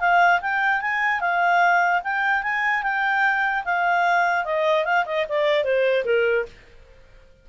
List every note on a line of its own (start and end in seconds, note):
0.00 0.41 F5
0.41 0.81 G5
0.81 1.21 G#5
1.21 2.02 F5
2.03 2.43 G5
2.43 2.83 G#5
2.83 3.64 G5
3.65 4.45 F5
4.45 4.85 D#5
4.85 5.05 F5
5.06 5.26 D#5
5.29 5.64 D5
5.64 6.05 C5
6.05 6.46 A#4